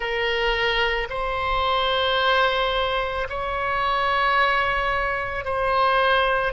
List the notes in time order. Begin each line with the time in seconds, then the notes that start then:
0.00 A#4
1.09 C5
3.29 C#5
5.44 C5